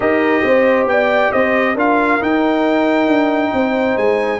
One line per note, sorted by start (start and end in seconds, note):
0.00 0.42 D#4
0.00 1.76 G4
0.00 0.44 A#4
0.00 0.87 D#5
0.43 0.85 C4
0.43 0.90 C5
0.85 1.30 B3
0.85 1.33 D5
0.85 1.31 G5
1.31 1.74 C4
1.31 1.74 C5
1.31 1.76 D#5
1.74 2.19 D4
1.74 2.20 F4
1.74 3.50 A#4
1.74 2.22 F5
2.20 4.39 D#4
2.20 3.07 D#4
2.20 3.97 G5
3.07 3.51 D4
3.53 3.96 C4
3.53 4.39 C5
3.96 4.39 G#3
3.96 4.39 G#5